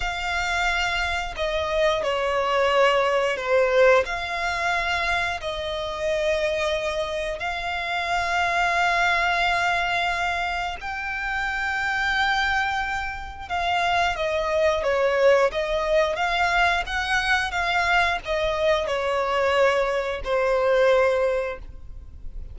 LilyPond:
\new Staff \with { instrumentName = "violin" } { \time 4/4 \tempo 4 = 89 f''2 dis''4 cis''4~ | cis''4 c''4 f''2 | dis''2. f''4~ | f''1 |
g''1 | f''4 dis''4 cis''4 dis''4 | f''4 fis''4 f''4 dis''4 | cis''2 c''2 | }